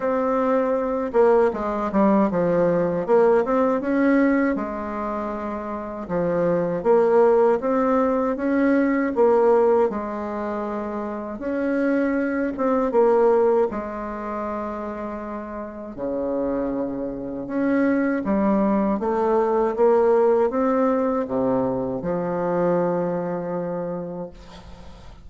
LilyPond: \new Staff \with { instrumentName = "bassoon" } { \time 4/4 \tempo 4 = 79 c'4. ais8 gis8 g8 f4 | ais8 c'8 cis'4 gis2 | f4 ais4 c'4 cis'4 | ais4 gis2 cis'4~ |
cis'8 c'8 ais4 gis2~ | gis4 cis2 cis'4 | g4 a4 ais4 c'4 | c4 f2. | }